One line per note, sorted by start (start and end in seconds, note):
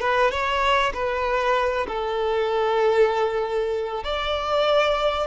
0.00 0.31 B4
0.31 0.93 C#5
0.93 1.86 B4
1.88 4.04 A4
4.04 5.27 D5